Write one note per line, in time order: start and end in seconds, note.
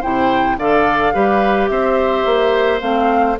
0.00 0.57 C3
0.00 0.58 E4
0.00 0.56 C5
0.00 0.58 G5
0.57 1.13 D3
0.57 1.13 A4
0.57 1.13 D5
0.57 1.67 F5
1.13 1.69 G3
1.13 2.80 G4
1.13 1.69 B4
1.67 2.25 C4
1.67 3.39 C5
1.67 2.79 E5
2.25 2.81 A#3
2.80 3.38 A3
2.80 3.36 C4
2.80 3.37 F5